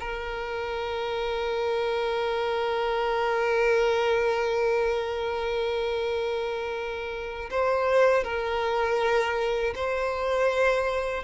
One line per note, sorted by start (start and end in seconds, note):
0.00 7.50 A#4
7.50 8.24 C5
8.24 9.74 A#4
9.75 11.24 C5